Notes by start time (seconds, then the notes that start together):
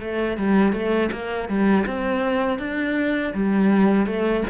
0.00 A3
0.37 G3
0.73 A3
1.12 A#3
1.49 G3
1.86 C4
2.59 D4
3.34 G3
4.06 A3